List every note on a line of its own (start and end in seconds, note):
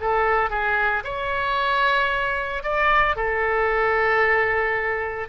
0.00 0.50 A4
0.50 1.03 G#4
1.04 2.63 C#5
2.63 3.16 D5
3.16 5.28 A4